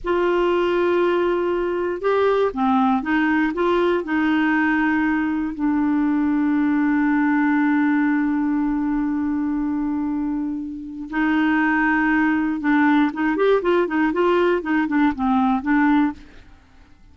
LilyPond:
\new Staff \with { instrumentName = "clarinet" } { \time 4/4 \tempo 4 = 119 f'1 | g'4 c'4 dis'4 f'4 | dis'2. d'4~ | d'1~ |
d'1~ | d'2 dis'2~ | dis'4 d'4 dis'8 g'8 f'8 dis'8 | f'4 dis'8 d'8 c'4 d'4 | }